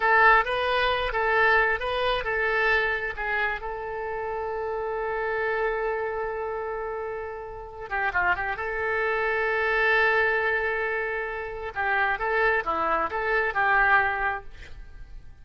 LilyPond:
\new Staff \with { instrumentName = "oboe" } { \time 4/4 \tempo 4 = 133 a'4 b'4. a'4. | b'4 a'2 gis'4 | a'1~ | a'1~ |
a'4. g'8 f'8 g'8 a'4~ | a'1~ | a'2 g'4 a'4 | e'4 a'4 g'2 | }